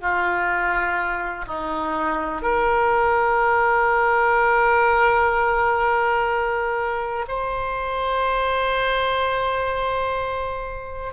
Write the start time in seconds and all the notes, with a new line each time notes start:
0.00 F4
1.46 D#4
2.41 A#4
7.28 C5